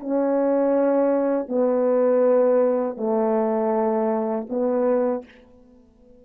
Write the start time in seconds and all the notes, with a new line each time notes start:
0.00 C#4
1.48 B3
2.97 A3
4.49 B3